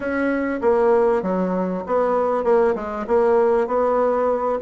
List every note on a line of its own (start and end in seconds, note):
0.00 0.60 C#4
0.61 1.22 A#3
1.22 1.83 F#3
1.86 2.44 B3
2.44 2.74 A#3
2.75 3.06 G#3
3.07 3.67 A#3
3.67 4.59 B3